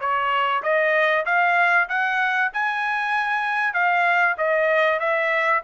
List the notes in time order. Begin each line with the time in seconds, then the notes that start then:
0.00 C#5
0.63 D#5
1.26 F5
1.89 F#5
2.53 G#5
3.74 F5
4.38 D#5
5.00 E5